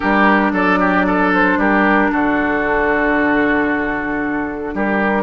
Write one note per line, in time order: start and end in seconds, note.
0.00 0.52 G3
0.00 5.23 D4
0.00 0.52 G4
0.00 0.52 A#4
0.52 1.57 F#3
0.52 0.79 A4
0.52 1.33 D5
0.79 1.05 G4
1.06 1.58 A4
1.33 1.59 C5
1.57 2.09 G3
1.57 2.11 G4
1.57 2.11 A#4
2.11 4.73 D3
2.11 4.74 F#4
2.11 4.75 A4
4.73 5.23 G3
4.73 5.23 G4
4.73 5.23 A#4